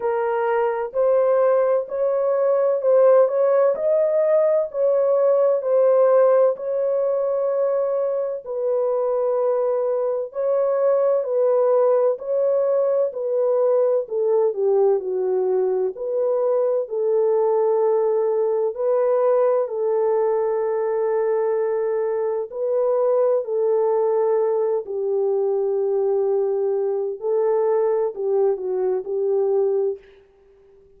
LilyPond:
\new Staff \with { instrumentName = "horn" } { \time 4/4 \tempo 4 = 64 ais'4 c''4 cis''4 c''8 cis''8 | dis''4 cis''4 c''4 cis''4~ | cis''4 b'2 cis''4 | b'4 cis''4 b'4 a'8 g'8 |
fis'4 b'4 a'2 | b'4 a'2. | b'4 a'4. g'4.~ | g'4 a'4 g'8 fis'8 g'4 | }